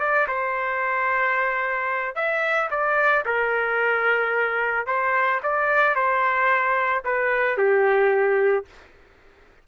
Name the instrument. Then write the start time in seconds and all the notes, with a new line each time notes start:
trumpet
0.00 D5
0.28 C5
2.15 E5
2.71 D5
3.26 A#4
4.87 C5
5.43 D5
5.96 C5
7.05 B4
7.57 G4